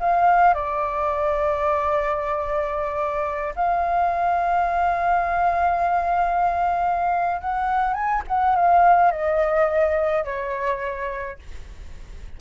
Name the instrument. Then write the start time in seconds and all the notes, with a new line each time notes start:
flute
0.00 F5
0.54 D5
3.56 F5
7.41 F#5
7.94 G#5
8.28 F#5
8.56 F5
9.12 D#5
10.25 C#5